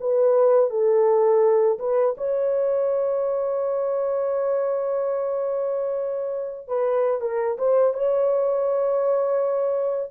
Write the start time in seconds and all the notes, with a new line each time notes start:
0.00 B4
0.70 A4
1.79 B4
2.17 C#5
6.68 B4
7.21 A#4
7.58 C5
7.93 C#5